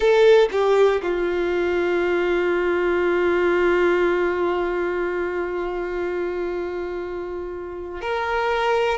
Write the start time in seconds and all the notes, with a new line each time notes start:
0.00 A4
0.51 G4
1.02 F4
8.00 A#4